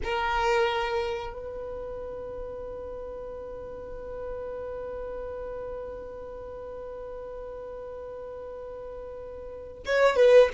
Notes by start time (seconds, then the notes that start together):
0.03 A#4
1.33 B4
9.85 C#5
10.16 B4